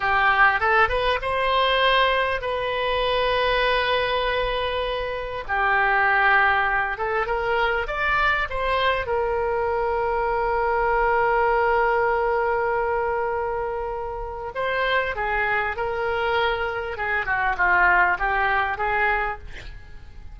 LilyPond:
\new Staff \with { instrumentName = "oboe" } { \time 4/4 \tempo 4 = 99 g'4 a'8 b'8 c''2 | b'1~ | b'4 g'2~ g'8 a'8 | ais'4 d''4 c''4 ais'4~ |
ais'1~ | ais'1 | c''4 gis'4 ais'2 | gis'8 fis'8 f'4 g'4 gis'4 | }